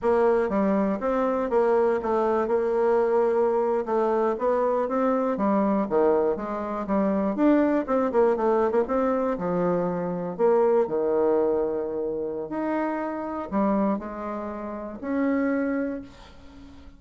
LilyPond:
\new Staff \with { instrumentName = "bassoon" } { \time 4/4 \tempo 4 = 120 ais4 g4 c'4 ais4 | a4 ais2~ ais8. a16~ | a8. b4 c'4 g4 dis16~ | dis8. gis4 g4 d'4 c'16~ |
c'16 ais8 a8. ais16 c'4 f4~ f16~ | f8. ais4 dis2~ dis16~ | dis4 dis'2 g4 | gis2 cis'2 | }